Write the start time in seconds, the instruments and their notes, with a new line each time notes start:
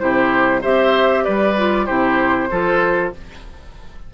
0.00 bassoon C3, clarinet E4, oboe G4, flute C5
0.61 bassoon C4, clarinet G4, oboe C5, flute E5
1.24 bassoon G3, oboe B4, flute D5
1.57 clarinet F4
1.86 bassoon C3, clarinet E4, oboe G4, flute C5
2.51 bassoon F3, clarinet F4, oboe A4